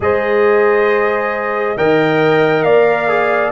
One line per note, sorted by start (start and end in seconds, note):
0.00 1.76 G#3
0.00 1.77 G#4
0.00 1.78 C5
0.00 1.77 D#5
1.76 2.64 D#3
1.76 3.08 A#4
1.76 2.65 D#5
1.76 2.62 G5
2.62 3.52 A#3
2.62 3.52 D5
2.62 3.51 F5
3.08 3.52 G#4